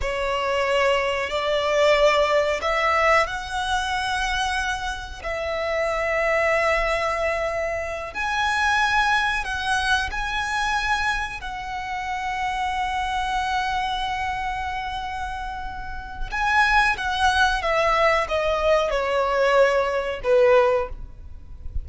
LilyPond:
\new Staff \with { instrumentName = "violin" } { \time 4/4 \tempo 4 = 92 cis''2 d''2 | e''4 fis''2. | e''1~ | e''8 gis''2 fis''4 gis''8~ |
gis''4. fis''2~ fis''8~ | fis''1~ | fis''4 gis''4 fis''4 e''4 | dis''4 cis''2 b'4 | }